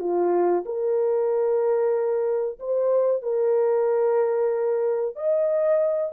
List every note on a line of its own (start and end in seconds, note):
0.00 0.65 F4
0.66 2.59 A#4
2.60 3.23 C5
3.23 5.16 A#4
5.16 6.13 D#5